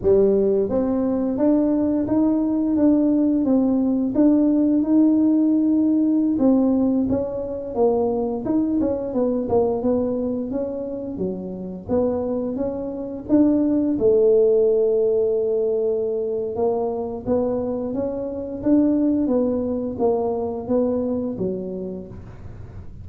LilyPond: \new Staff \with { instrumentName = "tuba" } { \time 4/4 \tempo 4 = 87 g4 c'4 d'4 dis'4 | d'4 c'4 d'4 dis'4~ | dis'4~ dis'16 c'4 cis'4 ais8.~ | ais16 dis'8 cis'8 b8 ais8 b4 cis'8.~ |
cis'16 fis4 b4 cis'4 d'8.~ | d'16 a2.~ a8. | ais4 b4 cis'4 d'4 | b4 ais4 b4 fis4 | }